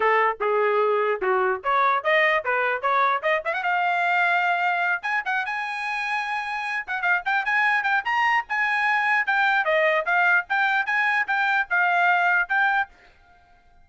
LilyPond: \new Staff \with { instrumentName = "trumpet" } { \time 4/4 \tempo 4 = 149 a'4 gis'2 fis'4 | cis''4 dis''4 b'4 cis''4 | dis''8 e''16 fis''16 f''2.~ | f''8 gis''8 fis''8 gis''2~ gis''8~ |
gis''4 fis''8 f''8 g''8 gis''4 g''8 | ais''4 gis''2 g''4 | dis''4 f''4 g''4 gis''4 | g''4 f''2 g''4 | }